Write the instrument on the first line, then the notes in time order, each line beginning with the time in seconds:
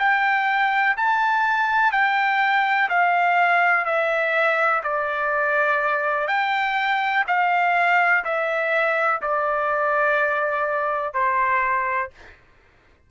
trumpet
0.00 G5
0.97 A5
1.92 G5
2.89 F5
3.86 E5
4.84 D5
6.28 G5
7.28 F5
8.25 E5
9.22 D5
11.14 C5